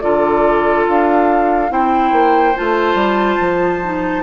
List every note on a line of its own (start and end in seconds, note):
0.00 0.87 D3
0.00 1.69 F4
0.00 1.71 A4
0.00 0.85 D5
0.88 1.71 D4
0.88 1.72 F5
1.69 2.12 C4
1.69 2.53 E4
1.69 4.23 C5
1.69 2.56 G5
2.12 2.54 A#3
2.55 2.94 A3
2.55 3.82 F4
2.55 4.23 A5
2.94 3.36 G3
3.40 4.23 F3
3.83 4.23 D#4